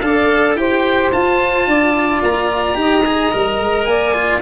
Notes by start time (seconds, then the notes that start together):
0.00 D4 A4 D5 F5
0.55 E4 G4 C5 G5
1.12 F4 A5
1.66 D4 D5
2.22 A#3 A#5
2.74 D#4 G4 D#5
3.05 G#4
3.31 G3 A#4
3.60 G#3
3.84 A#3 D5 G#5
4.14 F4